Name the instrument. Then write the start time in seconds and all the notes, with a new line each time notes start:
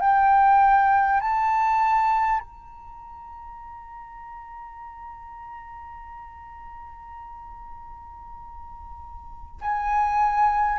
flute
0.00 G5
1.20 A5
2.39 A#5
9.61 G#5